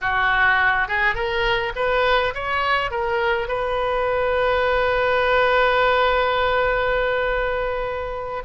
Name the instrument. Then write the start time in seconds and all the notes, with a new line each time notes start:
oboe
0.01 F#4
0.87 G#4
1.14 A#4
1.75 B4
2.34 C#5
2.90 A#4
3.48 B4